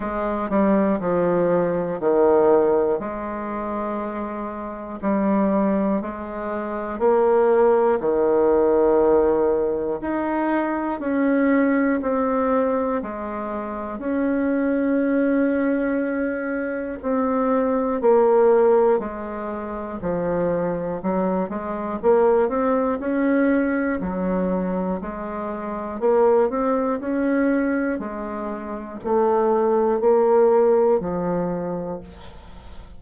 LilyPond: \new Staff \with { instrumentName = "bassoon" } { \time 4/4 \tempo 4 = 60 gis8 g8 f4 dis4 gis4~ | gis4 g4 gis4 ais4 | dis2 dis'4 cis'4 | c'4 gis4 cis'2~ |
cis'4 c'4 ais4 gis4 | f4 fis8 gis8 ais8 c'8 cis'4 | fis4 gis4 ais8 c'8 cis'4 | gis4 a4 ais4 f4 | }